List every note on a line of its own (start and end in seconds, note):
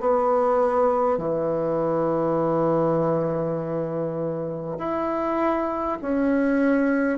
0.00 1.18 B3
1.18 4.78 E3
4.78 5.98 E4
6.02 7.18 C#4